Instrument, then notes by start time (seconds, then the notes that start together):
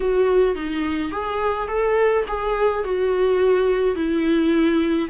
viola
0.00 F#4
0.55 D#4
1.11 G#4
1.68 A4
2.27 G#4
2.84 F#4
3.95 E4